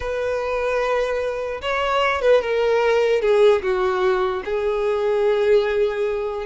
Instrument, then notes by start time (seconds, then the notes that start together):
violin
0.00 B4
1.61 C#5
2.21 B4
2.41 A#4
3.21 G#4
3.62 F#4
4.44 G#4